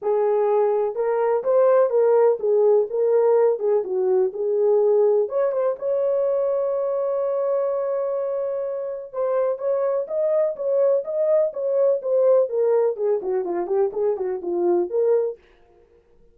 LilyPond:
\new Staff \with { instrumentName = "horn" } { \time 4/4 \tempo 4 = 125 gis'2 ais'4 c''4 | ais'4 gis'4 ais'4. gis'8 | fis'4 gis'2 cis''8 c''8 | cis''1~ |
cis''2. c''4 | cis''4 dis''4 cis''4 dis''4 | cis''4 c''4 ais'4 gis'8 fis'8 | f'8 g'8 gis'8 fis'8 f'4 ais'4 | }